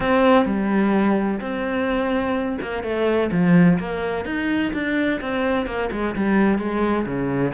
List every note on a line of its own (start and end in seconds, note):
0.00 0.45 C4
0.45 1.40 G3
1.40 2.58 C4
2.61 2.83 A#3
2.83 3.30 A3
3.31 3.78 F3
3.79 4.25 A#3
4.25 4.72 D#4
4.73 5.20 D4
5.21 5.66 C4
5.66 5.90 A#3
5.91 6.15 G#3
6.15 6.58 G3
6.58 7.05 G#3
7.05 7.53 C#3